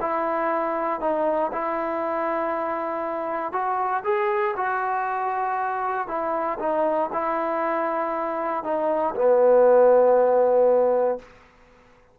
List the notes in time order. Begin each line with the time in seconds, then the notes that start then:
0.00 E4
1.00 D#4
1.52 E4
3.52 F#4
4.04 G#4
4.56 F#4
6.07 E4
6.59 D#4
7.13 E4
8.63 D#4
9.15 B3